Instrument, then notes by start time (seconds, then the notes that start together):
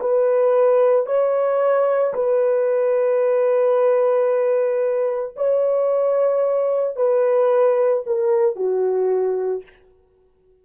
horn
0.00 B4
1.06 C#5
2.14 B4
5.36 C#5
6.96 B4
8.06 A#4
8.56 F#4